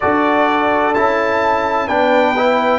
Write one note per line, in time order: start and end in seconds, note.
0.00 0.96 D4
0.00 0.95 F#4
0.00 1.88 A4
0.00 0.94 D5
0.94 1.88 C#4
0.94 1.88 E4
0.94 1.88 A5
1.88 2.79 B3
1.88 2.35 D4
1.88 2.79 B4
1.88 2.79 G5
2.37 2.79 E4